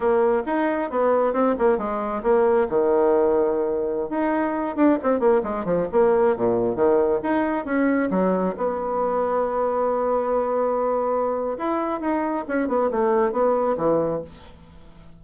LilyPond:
\new Staff \with { instrumentName = "bassoon" } { \time 4/4 \tempo 4 = 135 ais4 dis'4 b4 c'8 ais8 | gis4 ais4 dis2~ | dis4~ dis16 dis'4. d'8 c'8 ais16~ | ais16 gis8 f8 ais4 ais,4 dis8.~ |
dis16 dis'4 cis'4 fis4 b8.~ | b1~ | b2 e'4 dis'4 | cis'8 b8 a4 b4 e4 | }